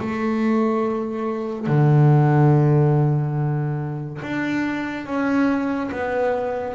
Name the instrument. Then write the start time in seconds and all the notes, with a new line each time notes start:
double bass
0.00 A3
1.67 D3
4.23 D4
5.06 C#4
5.92 B3